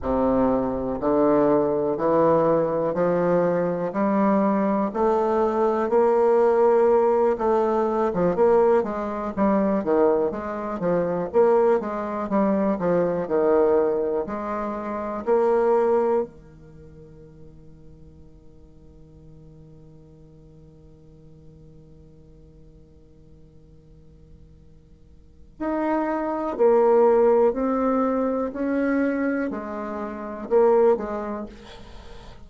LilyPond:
\new Staff \with { instrumentName = "bassoon" } { \time 4/4 \tempo 4 = 61 c4 d4 e4 f4 | g4 a4 ais4. a8~ | a16 f16 ais8 gis8 g8 dis8 gis8 f8 ais8 | gis8 g8 f8 dis4 gis4 ais8~ |
ais8 dis2.~ dis8~ | dis1~ | dis2 dis'4 ais4 | c'4 cis'4 gis4 ais8 gis8 | }